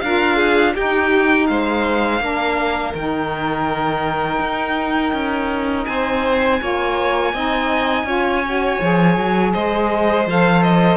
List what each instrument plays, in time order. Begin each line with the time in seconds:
0.00 cello D4, saxophone F4, violin A#4 F5
0.36 violin G#4
0.75 saxophone D#4, cello D#4, violin G4 G5
1.47 cello G#3, violin C5 F5
2.20 cello A#3, saxophone D4, violin A#4
2.94 cello D#3, saxophone D#4, violin G5
4.40 cello D#4
5.13 cello C#4
5.86 cello C4, violin C5 G#5
6.61 cello A#3, saxophone F4, violin C#5
7.34 cello C4, saxophone D#4, violin D#5
8.04 cello C#4, saxophone F4, violin C#5
8.45 saxophone F#4
8.81 cello F3, saxophone G#4
9.17 cello F#3
9.53 cello G#3, violin C5 D#5
10.27 cello F3, saxophone A4, violin F5
10.63 violin D#5